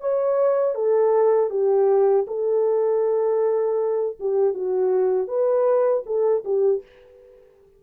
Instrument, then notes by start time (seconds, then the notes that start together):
horn
0.00 C#5
0.75 A4
1.50 G4
2.27 A4
4.19 G4
4.54 F#4
5.27 B4
6.06 A4
6.44 G4